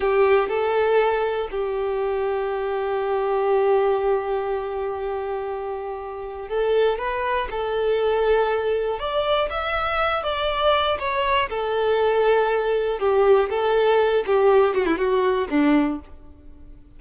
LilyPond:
\new Staff \with { instrumentName = "violin" } { \time 4/4 \tempo 4 = 120 g'4 a'2 g'4~ | g'1~ | g'1~ | g'4 a'4 b'4 a'4~ |
a'2 d''4 e''4~ | e''8 d''4. cis''4 a'4~ | a'2 g'4 a'4~ | a'8 g'4 fis'16 e'16 fis'4 d'4 | }